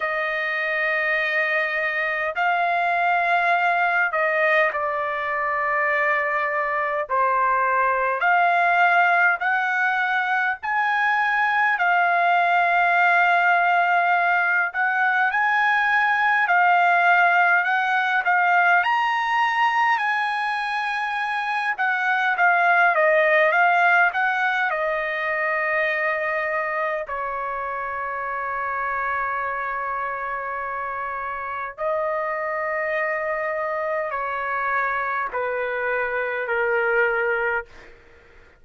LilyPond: \new Staff \with { instrumentName = "trumpet" } { \time 4/4 \tempo 4 = 51 dis''2 f''4. dis''8 | d''2 c''4 f''4 | fis''4 gis''4 f''2~ | f''8 fis''8 gis''4 f''4 fis''8 f''8 |
ais''4 gis''4. fis''8 f''8 dis''8 | f''8 fis''8 dis''2 cis''4~ | cis''2. dis''4~ | dis''4 cis''4 b'4 ais'4 | }